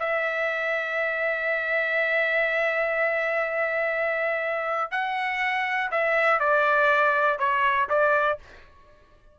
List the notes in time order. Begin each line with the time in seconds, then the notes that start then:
0.00 E5
4.92 F#5
5.92 E5
6.40 D5
7.39 C#5
7.90 D5